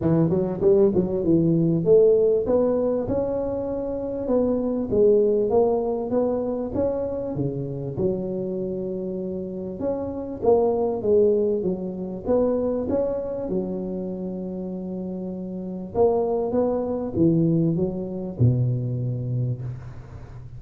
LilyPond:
\new Staff \with { instrumentName = "tuba" } { \time 4/4 \tempo 4 = 98 e8 fis8 g8 fis8 e4 a4 | b4 cis'2 b4 | gis4 ais4 b4 cis'4 | cis4 fis2. |
cis'4 ais4 gis4 fis4 | b4 cis'4 fis2~ | fis2 ais4 b4 | e4 fis4 b,2 | }